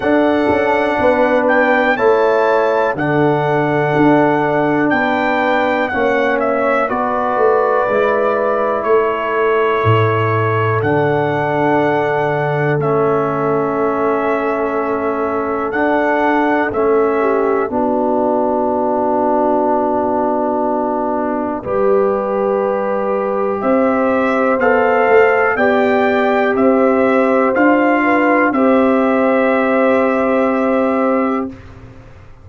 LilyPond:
<<
  \new Staff \with { instrumentName = "trumpet" } { \time 4/4 \tempo 4 = 61 fis''4. g''8 a''4 fis''4~ | fis''4 g''4 fis''8 e''8 d''4~ | d''4 cis''2 fis''4~ | fis''4 e''2. |
fis''4 e''4 d''2~ | d''1 | e''4 f''4 g''4 e''4 | f''4 e''2. | }
  \new Staff \with { instrumentName = "horn" } { \time 4/4 a'4 b'4 cis''4 a'4~ | a'4 b'4 cis''4 b'4~ | b'4 a'2.~ | a'1~ |
a'4. g'8 fis'2~ | fis'2 b'2 | c''2 d''4 c''4~ | c''8 b'8 c''2. | }
  \new Staff \with { instrumentName = "trombone" } { \time 4/4 d'2 e'4 d'4~ | d'2 cis'4 fis'4 | e'2. d'4~ | d'4 cis'2. |
d'4 cis'4 d'2~ | d'2 g'2~ | g'4 a'4 g'2 | f'4 g'2. | }
  \new Staff \with { instrumentName = "tuba" } { \time 4/4 d'8 cis'8 b4 a4 d4 | d'4 b4 ais4 b8 a8 | gis4 a4 a,4 d4~ | d4 a2. |
d'4 a4 b2~ | b2 g2 | c'4 b8 a8 b4 c'4 | d'4 c'2. | }
>>